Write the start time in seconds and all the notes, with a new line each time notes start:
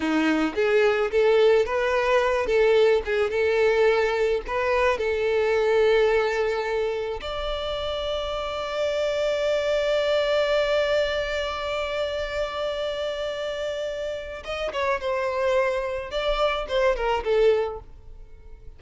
0.00 D#4
0.55 G#4
1.11 A4
1.65 B4
2.46 A4
3.05 G#4
3.30 A4
4.47 B4
4.98 A4
7.21 D5
14.44 D#5
14.72 C#5
15.00 C5
16.10 D5
16.68 C5
16.96 A#4
17.24 A4